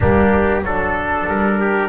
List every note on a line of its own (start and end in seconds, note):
0.00 0.61 G3
0.00 0.64 A#3
0.00 0.62 D4
0.00 0.64 G4
0.61 1.25 F#3
0.61 1.88 D4
0.61 1.28 A4
0.61 1.60 A4
1.27 1.88 G3
1.27 1.88 A#4
1.60 1.88 G4